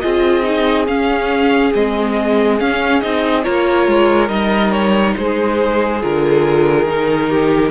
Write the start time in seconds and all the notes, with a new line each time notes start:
0.00 C4 F4 G#4 D#5
0.43 D#4
0.87 C#4 F5
1.74 G#3 C4 D#5
2.59 C#4 F5
3.01 C4 D#4 D#5
3.43 A#3 F4 A#4 C#5
3.87 G#3
4.27 G3 D#4 D#5
4.71 C#5
5.17 G#3 G#4 C5
6.02 D3 F4 A#4
6.85 D#3 D#4
7.28 G4